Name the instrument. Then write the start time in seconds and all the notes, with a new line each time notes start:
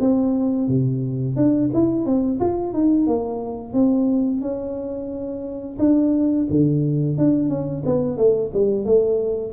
tuba
0.00 C4
0.68 C3
1.36 D4
1.74 E4
2.05 C4
2.40 F4
2.73 D#4
3.07 A#3
3.73 C4
4.41 C#4
5.79 D4
6.50 D3
7.18 D4
7.49 C#4
7.86 B3
8.17 A3
8.54 G3
8.85 A3